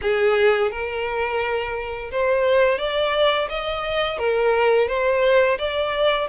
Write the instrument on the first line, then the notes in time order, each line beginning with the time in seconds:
violin
0.01 G#4
0.71 A#4
2.11 C5
2.78 D5
3.49 D#5
4.18 A#4
4.88 C5
5.58 D5